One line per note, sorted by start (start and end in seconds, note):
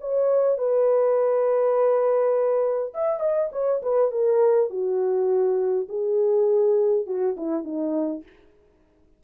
0.00 0.58 C#5
0.58 2.93 B4
2.94 3.20 E5
3.20 3.49 D#5
3.52 3.81 C#5
3.82 4.11 B4
4.11 4.70 A#4
4.70 5.87 F#4
5.89 7.06 G#4
7.06 7.36 F#4
7.37 7.64 E4
7.64 8.22 D#4